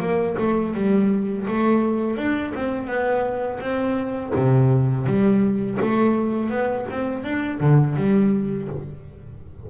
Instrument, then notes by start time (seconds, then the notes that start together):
double bass
0.00 A#3
0.38 A3
0.74 G3
1.48 A3
2.17 D4
2.55 C4
2.87 B3
3.60 C4
4.36 C3
5.06 G3
5.81 A3
6.50 B3
6.90 C4
7.24 D4
7.60 D3
7.96 G3